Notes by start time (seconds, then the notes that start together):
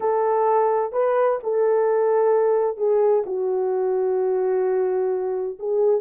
0.00 A4
0.92 B4
1.43 A4
2.77 G#4
3.26 F#4
5.59 G#4